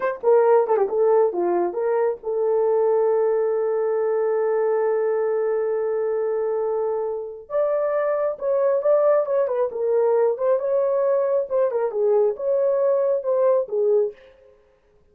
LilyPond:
\new Staff \with { instrumentName = "horn" } { \time 4/4 \tempo 4 = 136 c''8 ais'4 a'16 g'16 a'4 f'4 | ais'4 a'2.~ | a'1~ | a'1~ |
a'4 d''2 cis''4 | d''4 cis''8 b'8 ais'4. c''8 | cis''2 c''8 ais'8 gis'4 | cis''2 c''4 gis'4 | }